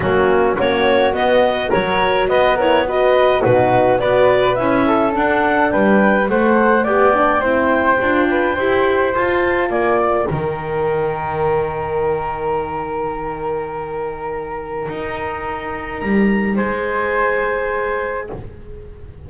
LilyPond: <<
  \new Staff \with { instrumentName = "clarinet" } { \time 4/4 \tempo 4 = 105 fis'4 cis''4 dis''4 cis''4 | dis''8 cis''8 dis''4 b'4 d''4 | e''4 fis''4 g''4 fis''4 | g''1 |
a''4 gis''8 g''2~ g''8~ | g''1~ | g''1 | ais''4 gis''2. | }
  \new Staff \with { instrumentName = "flute" } { \time 4/4 cis'4 fis'2 ais'4 | b'8 ais'8 b'4 fis'4 b'4~ | b'8 a'4. b'4 c''4 | d''4 c''4. b'8 c''4~ |
c''4 d''4 ais'2~ | ais'1~ | ais'1~ | ais'4 c''2. | }
  \new Staff \with { instrumentName = "horn" } { \time 4/4 ais4 cis'4 b4 fis'4~ | fis'8 e'8 fis'4 dis'4 fis'4 | e'4 d'2 a'4 | g'8 d'8 e'4 f'4 g'4 |
f'2 dis'2~ | dis'1~ | dis'1~ | dis'1 | }
  \new Staff \with { instrumentName = "double bass" } { \time 4/4 fis4 ais4 b4 fis4 | b2 b,4 b4 | cis'4 d'4 g4 a4 | b4 c'4 d'4 e'4 |
f'4 ais4 dis2~ | dis1~ | dis2 dis'2 | g4 gis2. | }
>>